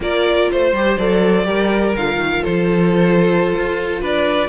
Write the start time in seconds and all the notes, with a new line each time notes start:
0.00 A#3 F4 A#4 D5
0.51 A3 C5
0.72 G3 G4
0.97 F#3 A4 D5
1.44 G3 G4 A#4
1.95 D3 F4 F5
2.16 D#3
2.42 F3 A4 C5
3.55 F4
4.01 D4 B4 D5